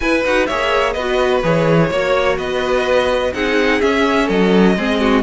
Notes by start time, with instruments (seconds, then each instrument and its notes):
0.00 viola E4, cello E4, violin B4 G#5
0.25 cello D#4, viola F#4, violin F#5
0.46 cello A#3, viola G#4, violin C#5 E5
0.93 cello B3, violin B4 D#5
0.99 viola F#4
1.43 cello E3, viola G#4, violin C#5
1.90 cello A#3, viola F#4, violin C#5
2.37 cello B3, violin B4 D#5
3.33 cello C4, viola D#4, violin G#4 F#5
3.80 viola C#4, cello C#4, violin E5
4.26 cello F#3, violin A4 D#5
4.76 cello G#3, viola C4, violin G#4
5.00 violin F#4